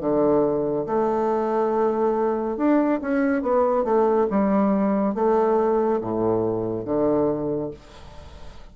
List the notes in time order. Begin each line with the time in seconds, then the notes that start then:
0.00 D3
0.86 A3
2.57 D4
3.01 C#4
3.42 B3
3.84 A3
4.30 G3
5.15 A3
6.01 A2
6.85 D3